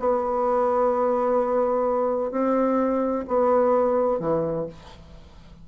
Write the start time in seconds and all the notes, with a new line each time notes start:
0.00 B3
2.31 C4
3.28 B3
4.20 E3